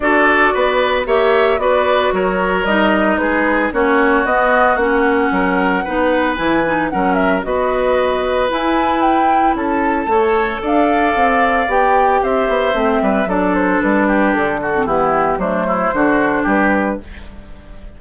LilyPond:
<<
  \new Staff \with { instrumentName = "flute" } { \time 4/4 \tempo 4 = 113 d''2 e''4 d''4 | cis''4 dis''4 b'4 cis''4 | dis''4 fis''2. | gis''4 fis''8 e''8 dis''2 |
gis''4 g''4 a''2 | f''2 g''4 e''4~ | e''4 d''8 c''8 b'4 a'4 | g'4 c''2 b'4 | }
  \new Staff \with { instrumentName = "oboe" } { \time 4/4 a'4 b'4 cis''4 b'4 | ais'2 gis'4 fis'4~ | fis'2 ais'4 b'4~ | b'4 ais'4 b'2~ |
b'2 a'4 cis''4 | d''2. c''4~ | c''8 b'8 a'4. g'4 fis'8 | e'4 d'8 e'8 fis'4 g'4 | }
  \new Staff \with { instrumentName = "clarinet" } { \time 4/4 fis'2 g'4 fis'4~ | fis'4 dis'2 cis'4 | b4 cis'2 dis'4 | e'8 dis'8 cis'4 fis'2 |
e'2. a'4~ | a'2 g'2 | c'4 d'2~ d'8. c'16 | b4 a4 d'2 | }
  \new Staff \with { instrumentName = "bassoon" } { \time 4/4 d'4 b4 ais4 b4 | fis4 g4 gis4 ais4 | b4 ais4 fis4 b4 | e4 fis4 b2 |
e'2 cis'4 a4 | d'4 c'4 b4 c'8 b8 | a8 g8 fis4 g4 d4 | e4 fis4 d4 g4 | }
>>